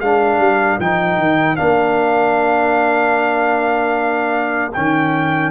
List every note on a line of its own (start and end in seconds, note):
0.00 0.38 G#3
0.00 0.80 D4
0.00 5.51 A#4
0.00 0.79 F5
0.38 0.78 G3
0.79 1.17 F3
0.79 1.56 D#4
0.79 1.56 G5
1.17 1.57 D#3
1.56 4.76 A#3
1.56 4.72 D4
1.56 4.72 F5
4.73 5.51 D#3
4.73 5.51 C#4
4.73 5.51 G5